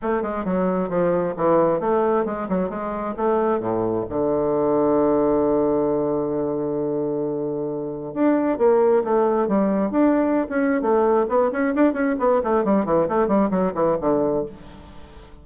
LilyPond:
\new Staff \with { instrumentName = "bassoon" } { \time 4/4 \tempo 4 = 133 a8 gis8 fis4 f4 e4 | a4 gis8 fis8 gis4 a4 | a,4 d2.~ | d1~ |
d2 d'4 ais4 | a4 g4 d'4~ d'16 cis'8. | a4 b8 cis'8 d'8 cis'8 b8 a8 | g8 e8 a8 g8 fis8 e8 d4 | }